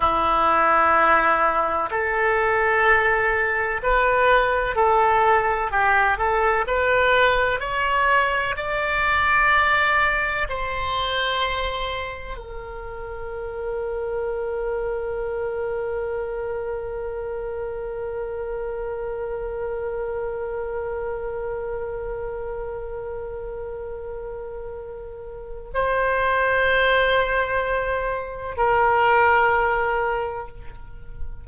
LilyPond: \new Staff \with { instrumentName = "oboe" } { \time 4/4 \tempo 4 = 63 e'2 a'2 | b'4 a'4 g'8 a'8 b'4 | cis''4 d''2 c''4~ | c''4 ais'2.~ |
ais'1~ | ais'1~ | ais'2. c''4~ | c''2 ais'2 | }